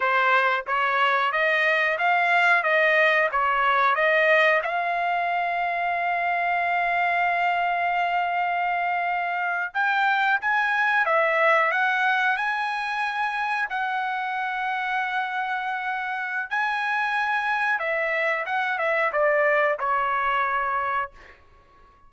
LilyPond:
\new Staff \with { instrumentName = "trumpet" } { \time 4/4 \tempo 4 = 91 c''4 cis''4 dis''4 f''4 | dis''4 cis''4 dis''4 f''4~ | f''1~ | f''2~ f''8. g''4 gis''16~ |
gis''8. e''4 fis''4 gis''4~ gis''16~ | gis''8. fis''2.~ fis''16~ | fis''4 gis''2 e''4 | fis''8 e''8 d''4 cis''2 | }